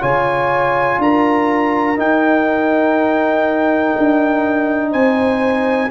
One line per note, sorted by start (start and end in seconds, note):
0.00 0.98 C#3
0.00 1.97 F4
0.00 0.99 C#5
0.00 1.01 G#5
0.98 1.96 D4
0.98 4.91 A#4
0.98 1.99 A#5
1.97 5.90 D#4
1.97 3.94 D#4
1.97 4.93 G5
3.98 4.93 D4
4.91 5.91 C4
4.91 5.89 C5
4.91 5.91 G#5